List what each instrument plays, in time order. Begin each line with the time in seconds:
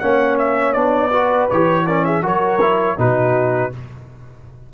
0.00 tuba A#3, trombone C#4, horn C#5, trumpet F#5
0.39 trumpet E5
0.73 tuba B3, trombone D4, trumpet D5
1.11 trombone F#4, horn B4
1.50 tuba E3, trombone G4, trumpet C#5
1.86 trombone C#4, horn A#4, trumpet D5
2.05 horn G#4, trumpet E5
2.22 tuba F#3, trombone F#4, horn A#4, trumpet C#5
2.61 trombone E4
2.98 tuba B2, trombone D#4, horn F#4, trumpet B4